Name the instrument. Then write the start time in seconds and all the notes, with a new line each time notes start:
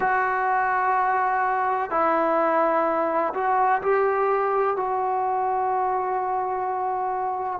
trombone
0.00 F#4
1.90 E4
3.34 F#4
3.82 G4
4.76 F#4